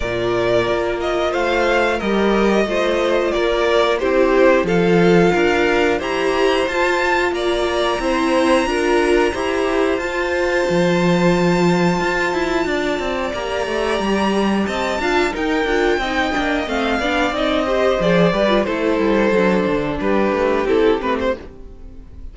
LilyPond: <<
  \new Staff \with { instrumentName = "violin" } { \time 4/4 \tempo 4 = 90 d''4. dis''8 f''4 dis''4~ | dis''4 d''4 c''4 f''4~ | f''4 ais''4 a''4 ais''4~ | ais''2. a''4~ |
a''1 | ais''2 a''4 g''4~ | g''4 f''4 dis''4 d''4 | c''2 b'4 a'8 b'16 c''16 | }
  \new Staff \with { instrumentName = "violin" } { \time 4/4 ais'2 c''4 ais'4 | c''4 ais'4 g'4 a'4 | ais'4 c''2 d''4 | c''4 ais'4 c''2~ |
c''2. d''4~ | d''2 dis''8 f''8 ais'4 | dis''4. d''4 c''4 b'8 | a'2 g'2 | }
  \new Staff \with { instrumentName = "viola" } { \time 4/4 f'2. g'4 | f'2 e'4 f'4~ | f'4 g'4 f'2 | e'4 f'4 g'4 f'4~ |
f'1 | g'2~ g'8 f'8 dis'8 f'8 | dis'8 d'8 c'8 d'8 dis'8 g'8 gis'8 g'16 f'16 | e'4 d'2 e'8 c'8 | }
  \new Staff \with { instrumentName = "cello" } { \time 4/4 ais,4 ais4 a4 g4 | a4 ais4 c'4 f4 | d'4 e'4 f'4 ais4 | c'4 d'4 e'4 f'4 |
f2 f'8 e'8 d'8 c'8 | ais8 a8 g4 c'8 d'8 dis'8 d'8 | c'8 ais8 a8 b8 c'4 f8 g8 | a8 g8 fis8 d8 g8 a8 c'8 a8 | }
>>